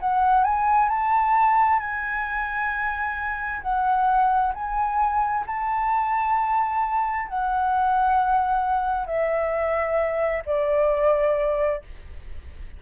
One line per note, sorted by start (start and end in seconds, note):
0.00 0.44 F#5
0.44 0.89 G#5
0.89 1.80 A5
1.80 3.62 G#5
3.62 4.53 F#5
4.54 5.45 G#5
5.47 7.28 A5
7.28 9.07 F#5
9.07 10.43 E5
10.46 11.82 D5